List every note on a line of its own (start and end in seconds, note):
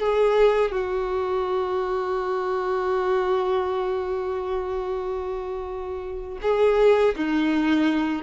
0.00 0.72 G#4
0.72 6.39 F#4
6.42 7.15 G#4
7.16 8.23 D#4